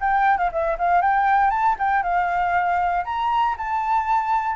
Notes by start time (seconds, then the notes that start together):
0.00 G5
0.37 F5
0.52 E5
0.78 F5
1.01 G5
1.50 A5
1.79 G5
2.02 F5
3.04 A#5
3.57 A5